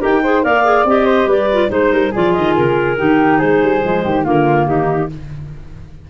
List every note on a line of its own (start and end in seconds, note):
0.00 0.44 D#4
0.00 0.21 G4
0.00 0.21 A#4
0.00 0.43 G5
0.23 0.42 G#4
0.23 0.44 C5
0.42 0.85 A#3
0.42 0.64 A#4
0.42 1.06 D5
0.42 0.85 F5
0.64 0.85 G#4
0.85 1.26 C4
0.85 1.50 G4
0.85 1.30 D#5
1.06 1.27 C5
1.26 1.68 G3
1.26 1.69 B4
1.26 1.70 D5
1.52 1.68 F4
1.68 1.91 G#3
1.68 2.10 D#4
1.68 2.12 C5
1.68 1.92 C5
1.91 2.12 G3
1.91 2.11 A#4
2.11 2.37 F3
2.11 2.96 F4
2.11 2.96 G#4
2.11 2.33 D5
2.33 2.58 D#3
2.33 2.54 D#5
2.56 3.00 C#3
2.56 3.38 A#4
2.96 3.41 D#3
2.96 3.81 D#4
2.96 3.39 G4
3.38 3.62 G#3
3.38 4.02 G#4
3.38 4.23 C5
3.62 3.83 G3
3.82 4.04 F3
3.82 4.24 G#3
4.03 4.26 D#3
4.03 4.24 G4
4.24 4.66 D3
4.24 5.08 A#3
4.24 4.67 F4
4.24 4.67 A#4
4.66 5.08 D#3
4.66 5.10 D#4
4.66 5.09 G4